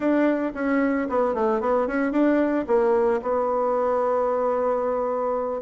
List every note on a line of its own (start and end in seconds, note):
0.00 0.52 D4
0.54 1.08 C#4
1.09 1.34 B3
1.34 1.60 A3
1.60 1.87 B3
1.87 2.12 C#4
2.12 2.65 D4
2.67 3.20 A#3
3.22 5.61 B3